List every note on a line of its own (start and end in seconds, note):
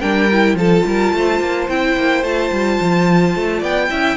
0.00 0.54 G3
0.00 0.28 D4
0.00 0.56 A#4
0.00 0.56 G5
0.32 0.59 E4
0.54 0.82 F3
0.54 1.69 F4
0.54 0.86 A4
0.54 1.69 A5
0.86 1.13 G3
0.86 1.15 A#4
1.13 1.40 A3
1.13 3.58 C5
1.40 1.68 A#3
1.68 1.96 C4
1.68 2.24 E4
1.68 2.24 G5
1.96 2.23 A#3
2.23 2.51 A3
2.23 3.90 F4
2.23 3.62 A5
2.52 2.79 G3
2.80 3.35 F3
3.35 3.62 A3
3.58 3.90 B3
3.58 3.86 D5
3.58 4.16 G5
3.90 4.16 C#4
3.90 4.16 E4
3.90 4.16 E5